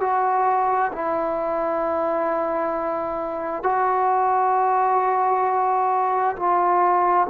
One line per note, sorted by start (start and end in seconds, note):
0.00 0.91 F#4
0.92 3.63 E4
3.63 6.36 F#4
6.36 7.27 F4